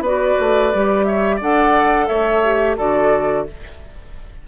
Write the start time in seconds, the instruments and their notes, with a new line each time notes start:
0.00 bassoon B3, clarinet F#4, oboe B4, flute D5
0.39 bassoon A3
0.73 bassoon G3, clarinet G4
1.04 oboe C#5, flute E5
1.36 bassoon D4, clarinet A4, oboe D5, flute F#5
2.07 bassoon A3, oboe C#5, flute E5
2.43 clarinet G4
2.77 bassoon D3, clarinet F#4, oboe A4, flute D5